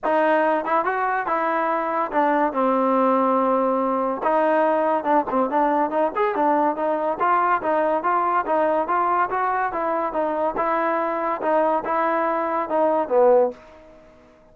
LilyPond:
\new Staff \with { instrumentName = "trombone" } { \time 4/4 \tempo 4 = 142 dis'4. e'8 fis'4 e'4~ | e'4 d'4 c'2~ | c'2 dis'2 | d'8 c'8 d'4 dis'8 gis'8 d'4 |
dis'4 f'4 dis'4 f'4 | dis'4 f'4 fis'4 e'4 | dis'4 e'2 dis'4 | e'2 dis'4 b4 | }